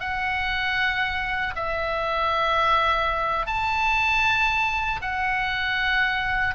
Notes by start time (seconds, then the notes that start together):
0.00 F#5
1.55 E5
3.46 A5
5.02 F#5